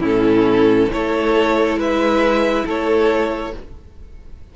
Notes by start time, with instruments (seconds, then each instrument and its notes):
0.00 cello A2, viola C#4, violin E4 A4
0.90 cello A3, viola E4, violin A4 C#5
1.76 cello G#3, violin B4 E5
2.65 cello A3, violin A4 C#5